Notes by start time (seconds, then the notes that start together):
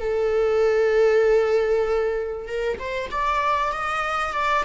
0.00 A4
2.47 A#4
2.79 C5
3.11 D5
3.73 D#5
4.33 D5